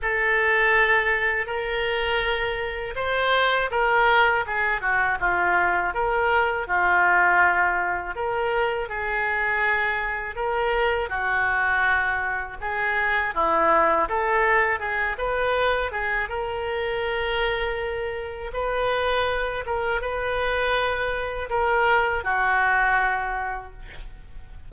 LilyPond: \new Staff \with { instrumentName = "oboe" } { \time 4/4 \tempo 4 = 81 a'2 ais'2 | c''4 ais'4 gis'8 fis'8 f'4 | ais'4 f'2 ais'4 | gis'2 ais'4 fis'4~ |
fis'4 gis'4 e'4 a'4 | gis'8 b'4 gis'8 ais'2~ | ais'4 b'4. ais'8 b'4~ | b'4 ais'4 fis'2 | }